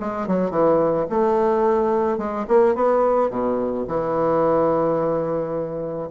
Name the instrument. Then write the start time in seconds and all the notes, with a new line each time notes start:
bassoon
0.00 G#3
0.27 F#3
0.50 E3
1.09 A3
2.18 G#3
2.47 A#3
2.75 B3
3.30 B2
3.87 E3